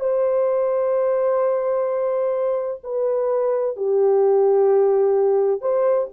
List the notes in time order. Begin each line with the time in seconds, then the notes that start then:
0.00 C5
2.83 B4
3.76 G4
5.61 C5